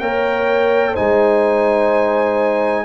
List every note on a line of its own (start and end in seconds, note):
0.00 0.96 A#3
0.00 0.96 A#4
0.00 0.93 C#5
0.00 0.95 G5
0.93 2.85 D#4
0.93 2.84 C5
0.93 2.85 G#5
0.99 2.85 G#3